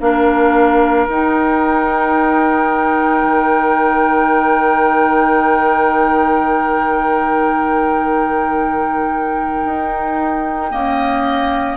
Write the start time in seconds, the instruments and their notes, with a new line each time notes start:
0.00 bassoon A#3, clarinet D4, oboe A#4, flute F5
1.08 bassoon D#4, clarinet D#4, flute G5
3.23 bassoon D#3
9.65 bassoon D#4
10.71 clarinet A#3, bassoon C#4, oboe D#5